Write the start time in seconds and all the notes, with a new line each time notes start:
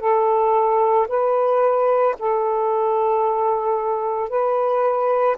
0.00 A4
1.09 B4
2.19 A4
4.30 B4